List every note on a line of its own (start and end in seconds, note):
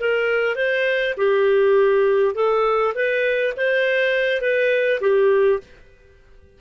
0.00 0.56 A#4
0.56 1.14 C5
1.17 2.35 G4
2.35 2.94 A4
2.95 3.54 B4
3.57 4.41 C5
4.41 5.00 B4
5.01 5.60 G4